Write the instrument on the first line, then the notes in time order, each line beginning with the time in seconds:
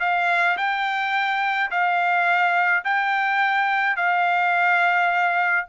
trumpet
0.00 F5
0.57 G5
1.70 F5
2.84 G5
3.96 F5